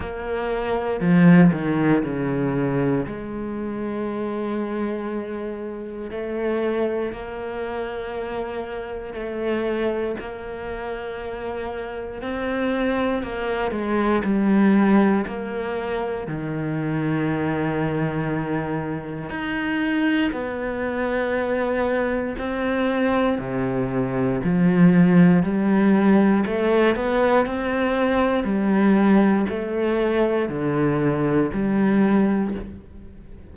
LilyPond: \new Staff \with { instrumentName = "cello" } { \time 4/4 \tempo 4 = 59 ais4 f8 dis8 cis4 gis4~ | gis2 a4 ais4~ | ais4 a4 ais2 | c'4 ais8 gis8 g4 ais4 |
dis2. dis'4 | b2 c'4 c4 | f4 g4 a8 b8 c'4 | g4 a4 d4 g4 | }